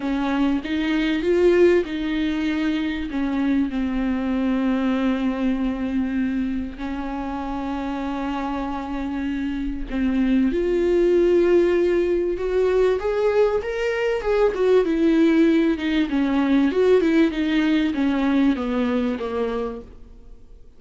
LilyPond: \new Staff \with { instrumentName = "viola" } { \time 4/4 \tempo 4 = 97 cis'4 dis'4 f'4 dis'4~ | dis'4 cis'4 c'2~ | c'2. cis'4~ | cis'1 |
c'4 f'2. | fis'4 gis'4 ais'4 gis'8 fis'8 | e'4. dis'8 cis'4 fis'8 e'8 | dis'4 cis'4 b4 ais4 | }